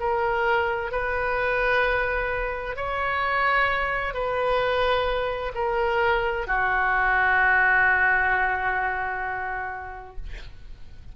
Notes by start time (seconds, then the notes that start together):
0.00 A#4
0.92 B4
2.76 C#5
4.14 B4
5.55 A#4
6.47 F#4